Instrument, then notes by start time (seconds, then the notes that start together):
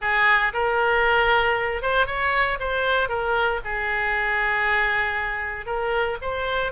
oboe
0.01 G#4
0.53 A#4
1.82 C5
2.06 C#5
2.59 C5
3.08 A#4
3.64 G#4
5.66 A#4
6.21 C5